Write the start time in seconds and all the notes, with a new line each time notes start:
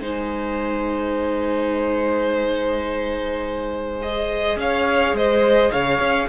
0.00 G#3 D#4 C5 G#5
4.01 G#4 D#5
4.55 C#4 C#5 F5
5.12 G#3 C5 D#5
5.71 C#3 C#5 F5
5.99 C#4